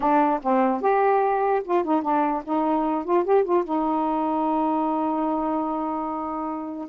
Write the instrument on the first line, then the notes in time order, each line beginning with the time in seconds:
saxophone
0.00 D4
0.42 C4
0.81 G4
1.64 F4
1.84 D#4
2.02 D4
2.44 D#4
3.04 F4
3.24 G4
3.44 F4
3.64 D#4